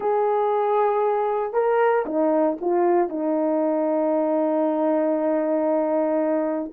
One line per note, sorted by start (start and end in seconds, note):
0.00 1.53 G#4
1.53 2.05 A#4
2.05 2.57 D#4
2.60 3.09 F4
3.09 6.71 D#4